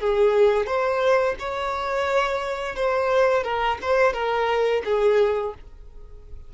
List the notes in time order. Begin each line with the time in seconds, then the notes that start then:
0.00 G#4
0.66 C5
1.39 C#5
2.76 C5
3.44 A#4
3.82 C5
4.13 A#4
4.85 G#4